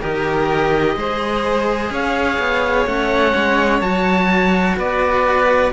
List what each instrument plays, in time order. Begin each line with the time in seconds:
0.00 cello D#3 G4, violin A#4, oboe D#5
0.95 cello G#3 G#4, violin C5
1.90 cello C#4, violin C#5, oboe F5
2.39 cello B3
2.86 cello A3 C#4, oboe F#5
3.35 cello G#3
3.81 cello F#3 F#4, oboe A5
4.77 cello B3, violin B4, oboe D5